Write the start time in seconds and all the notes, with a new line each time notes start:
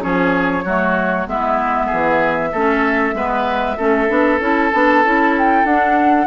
0.00 F3 C#4 G#4 C#5
0.64 F#3 A3 F#4
1.27 G#3 B3 E4 E5
1.86 G#4
1.93 E3
2.52 A3 C#4 A4
3.14 G#3 B3 B4
3.77 A3 C#4 A4
4.08 B3 D4
4.40 C#4 E4 A5
4.73 B3 D4
5.04 C#4 E4
5.38 G5
5.64 D4 F#5